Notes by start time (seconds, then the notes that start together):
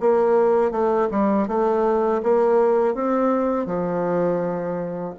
0.00 A#3
0.71 A3
1.11 G3
1.47 A3
2.23 A#3
2.94 C4
3.66 F3